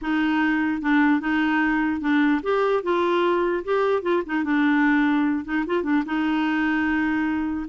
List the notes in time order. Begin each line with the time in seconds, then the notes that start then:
0.01 D#4
0.81 D4
1.20 D#4
2.00 D4
2.42 G4
2.83 F4
3.64 G4
4.02 F4
4.26 D#4
4.43 D4
5.44 D#4
5.66 F4
5.83 D4
6.05 D#4